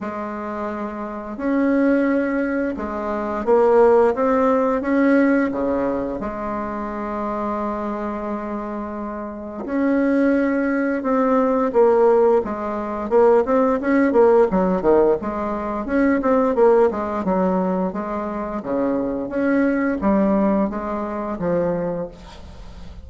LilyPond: \new Staff \with { instrumentName = "bassoon" } { \time 4/4 \tempo 4 = 87 gis2 cis'2 | gis4 ais4 c'4 cis'4 | cis4 gis2.~ | gis2 cis'2 |
c'4 ais4 gis4 ais8 c'8 | cis'8 ais8 fis8 dis8 gis4 cis'8 c'8 | ais8 gis8 fis4 gis4 cis4 | cis'4 g4 gis4 f4 | }